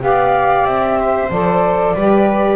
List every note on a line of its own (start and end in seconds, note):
0.00 0.65 B3
0.00 1.28 G4
0.00 0.99 D5
0.00 0.66 F5
0.65 1.29 C4
0.65 1.30 E5
0.99 1.95 C5
1.30 1.94 F3
1.30 1.97 A4
1.30 2.56 D5
1.95 2.56 G3
1.95 2.56 G4
1.95 2.56 B4